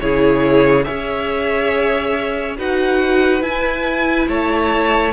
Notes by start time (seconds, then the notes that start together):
0.00 C#3 E4 G#4 C#5
0.84 C#4 G#4 C#5 E5
2.58 D#4 F#4 B4 F#5
3.42 E4 G#5
4.28 A3 C#5 A5